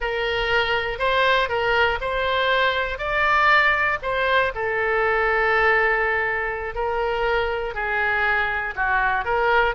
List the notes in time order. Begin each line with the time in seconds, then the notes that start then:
0.00 A#4
0.98 C5
1.48 A#4
2.00 C5
2.98 D5
4.02 C5
4.55 A4
6.75 A#4
7.74 G#4
8.75 F#4
9.24 A#4